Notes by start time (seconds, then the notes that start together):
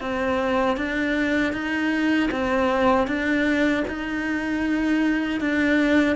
0.00 C4
0.77 D4
1.52 D#4
2.31 C4
3.07 D4
3.87 D#4
5.40 D4